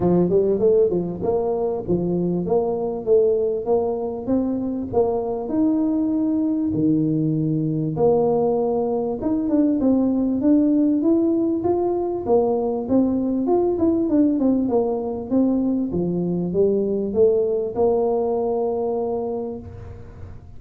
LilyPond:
\new Staff \with { instrumentName = "tuba" } { \time 4/4 \tempo 4 = 98 f8 g8 a8 f8 ais4 f4 | ais4 a4 ais4 c'4 | ais4 dis'2 dis4~ | dis4 ais2 dis'8 d'8 |
c'4 d'4 e'4 f'4 | ais4 c'4 f'8 e'8 d'8 c'8 | ais4 c'4 f4 g4 | a4 ais2. | }